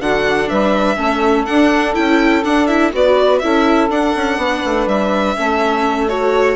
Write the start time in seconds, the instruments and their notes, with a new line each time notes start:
0.00 bassoon D3, viola D4, saxophone F#4, violin F#5
0.48 bassoon G3, saxophone B4, violin E5
0.97 bassoon A3, viola C#4, saxophone A4
1.45 viola D4, bassoon D4, violin F#5
1.94 bassoon C#4, viola E4, violin G5
2.44 viola D4, bassoon D4, violin F#5
2.67 viola E4, violin E5
2.92 bassoon B3, viola F#4, saxophone B4, violin D5
3.39 bassoon C#4, viola E4, saxophone A4, violin E5
3.89 bassoon D4, viola D4, violin F#5
4.16 bassoon C#4
4.37 bassoon B3, saxophone B4
4.65 bassoon A3
4.86 bassoon G3, violin E5
5.36 bassoon A3, viola C#4, saxophone A4
6.09 viola F#4, violin C#5